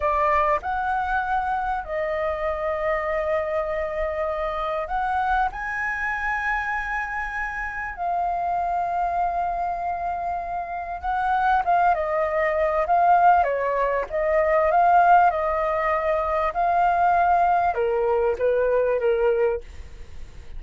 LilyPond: \new Staff \with { instrumentName = "flute" } { \time 4/4 \tempo 4 = 98 d''4 fis''2 dis''4~ | dis''1 | fis''4 gis''2.~ | gis''4 f''2.~ |
f''2 fis''4 f''8 dis''8~ | dis''4 f''4 cis''4 dis''4 | f''4 dis''2 f''4~ | f''4 ais'4 b'4 ais'4 | }